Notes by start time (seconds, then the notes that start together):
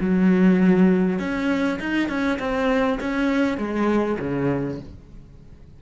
0.00 F#3
1.19 C#4
1.79 D#4
2.09 C#4
2.39 C4
2.99 C#4
3.57 G#3
4.19 C#3